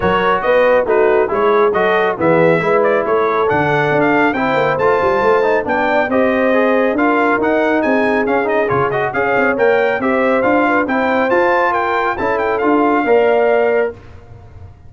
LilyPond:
<<
  \new Staff \with { instrumentName = "trumpet" } { \time 4/4 \tempo 4 = 138 cis''4 dis''4 b'4 cis''4 | dis''4 e''4. d''8 cis''4 | fis''4~ fis''16 f''8. g''4 a''4~ | a''4 g''4 dis''2 |
f''4 fis''4 gis''4 f''8 dis''8 | cis''8 dis''8 f''4 g''4 e''4 | f''4 g''4 a''4 g''4 | a''8 g''8 f''2. | }
  \new Staff \with { instrumentName = "horn" } { \time 4/4 ais'4 b'4 fis'4 gis'4 | a'4 gis'4 b'4 a'4~ | a'2 c''2~ | c''4 d''4 c''2 |
ais'2 gis'2~ | gis'4 cis''2 c''4~ | c''8 b'8 c''2 ais'4 | a'2 d''2 | }
  \new Staff \with { instrumentName = "trombone" } { \time 4/4 fis'2 dis'4 e'4 | fis'4 b4 e'2 | d'2 e'4 f'4~ | f'8 dis'8 d'4 g'4 gis'4 |
f'4 dis'2 cis'8 dis'8 | f'8 fis'8 gis'4 ais'4 g'4 | f'4 e'4 f'2 | e'4 f'4 ais'2 | }
  \new Staff \with { instrumentName = "tuba" } { \time 4/4 fis4 b4 a4 gis4 | fis4 e4 gis4 a4 | d4 d'4 c'8 ais8 a8 g8 | a4 b4 c'2 |
d'4 dis'4 c'4 cis'4 | cis4 cis'8 c'8 ais4 c'4 | d'4 c'4 f'2 | cis'4 d'4 ais2 | }
>>